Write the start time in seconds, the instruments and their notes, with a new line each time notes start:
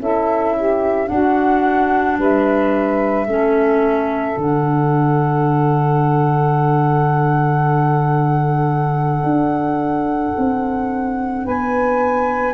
0.00 tuba C#4, clarinet E4, saxophone A4, flute E5
0.58 saxophone G4
1.08 clarinet D4, tuba D4, saxophone F#4, flute F#5
2.19 tuba G3, saxophone B4, flute E5
3.27 tuba A3, clarinet C#4, saxophone A4
4.37 tuba D3, clarinet D4, flute F#5
9.24 tuba D4
10.37 tuba C4
11.45 tuba B3, saxophone B4, flute G#5